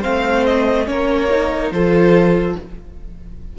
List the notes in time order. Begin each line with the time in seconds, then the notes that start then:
0.00 A3 C4 C5 F5
0.45 D#5
0.86 A#3 C#4 A#4 C#5
1.30 D#4
1.71 F3 F4 A4 C5